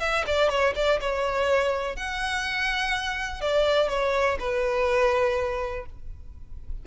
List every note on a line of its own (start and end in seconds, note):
0.00 0.24 E5
0.27 0.49 D5
0.49 0.74 C#5
0.76 1.00 D5
1.01 1.96 C#5
1.96 3.41 F#5
3.41 3.89 D5
3.89 4.38 C#5
4.40 5.86 B4